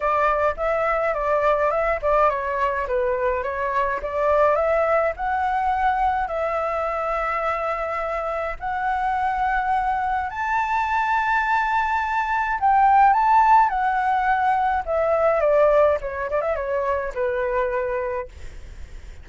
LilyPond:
\new Staff \with { instrumentName = "flute" } { \time 4/4 \tempo 4 = 105 d''4 e''4 d''4 e''8 d''8 | cis''4 b'4 cis''4 d''4 | e''4 fis''2 e''4~ | e''2. fis''4~ |
fis''2 a''2~ | a''2 g''4 a''4 | fis''2 e''4 d''4 | cis''8 d''16 e''16 cis''4 b'2 | }